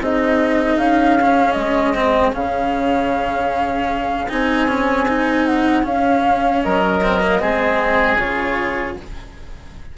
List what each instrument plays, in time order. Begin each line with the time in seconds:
0.00 bassoon C4, cello D#4, oboe G#4, flute D#5
0.78 bassoon C#4, flute F5
1.21 cello C#4
1.52 bassoon G#3, flute D#5
1.95 cello C4
2.33 bassoon C#3, cello C#4, flute F5
4.29 bassoon C4, cello D#4, flute G#5
4.68 cello C#4
5.08 cello D#4
5.46 flute F#5
5.83 cello C#4, bassoon C#4, flute F5
6.63 bassoon F#3, oboe A#4, flute D#5
7.04 cello C4
7.21 cello A#3
7.40 bassoon G#3, cello C4, oboe G#4
8.17 bassoon C#3, cello F4, flute C#5